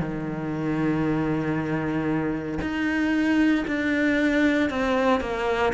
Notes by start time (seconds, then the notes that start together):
0.00 D#3
2.62 D#4
3.68 D4
4.70 C4
5.21 A#3